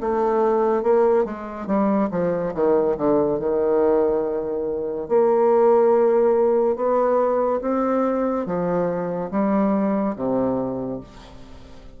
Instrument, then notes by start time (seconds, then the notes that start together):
bassoon
0.00 A3
0.82 A#3
1.24 G#3
1.66 G3
2.10 F3
2.54 D#3
2.97 D3
3.39 D#3
5.08 A#3
6.76 B3
7.61 C4
8.45 F3
9.30 G3
10.16 C3